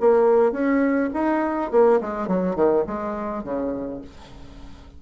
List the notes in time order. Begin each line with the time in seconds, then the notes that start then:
0.00 A#3
0.52 C#4
1.14 D#4
1.71 A#3
2.01 G#3
2.27 F#3
2.56 D#3
2.87 G#3
3.44 C#3